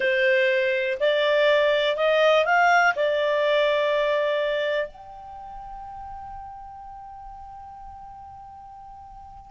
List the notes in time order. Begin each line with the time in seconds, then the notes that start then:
0.00 C5
1.00 D5
1.96 D#5
2.45 F5
2.95 D5
4.87 G5